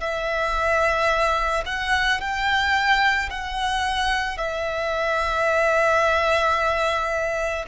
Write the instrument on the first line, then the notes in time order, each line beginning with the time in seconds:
violin
0.00 E5
1.66 F#5
2.20 G5
3.30 F#5
4.37 E5